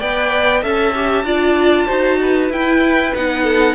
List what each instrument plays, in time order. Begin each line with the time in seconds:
0.00 cello B3, viola B4, violin D5 G5
0.62 cello C#4, viola A4, violin E5 A5
0.96 viola G4
1.24 cello D4, viola F4, violin D5
1.86 cello D#4, viola F#4, violin C5
2.22 violin B4
2.50 cello E4, viola E4, violin G5
3.15 cello B3, viola D#4, violin F#5
3.43 violin A4